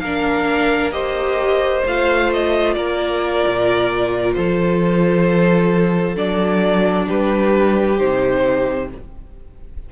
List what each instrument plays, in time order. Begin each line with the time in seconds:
0.00 cello A#3, viola D4, violin A#4 F5
0.92 viola G4, violin C5 D#5
1.86 cello A3, viola F4, violin F5
2.33 violin D#5
2.74 cello A#3, violin A#4 D5
3.47 cello A#2
4.34 cello F3, violin A4 C5
6.16 cello F#3, viola D4, violin D5
7.07 cello G3, violin G4 B4
7.98 cello C3, viola D#4, violin C5